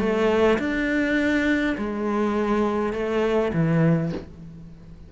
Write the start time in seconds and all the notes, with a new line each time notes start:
0.00 A3
0.59 D4
1.78 G#3
2.93 A3
3.54 E3